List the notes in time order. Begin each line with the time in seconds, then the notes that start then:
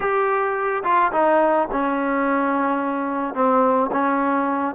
0.00 G4
0.83 F4
1.12 D#4
1.71 C#4
3.34 C4
3.92 C#4